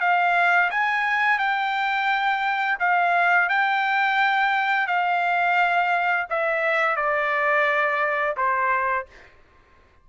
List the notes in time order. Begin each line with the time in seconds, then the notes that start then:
0.00 F5
0.70 G#5
1.39 G5
2.79 F5
3.49 G5
4.87 F5
6.29 E5
6.96 D5
8.36 C5